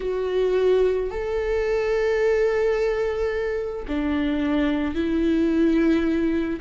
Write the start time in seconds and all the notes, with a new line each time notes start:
0.00 F#4
1.10 A4
3.88 D4
4.94 E4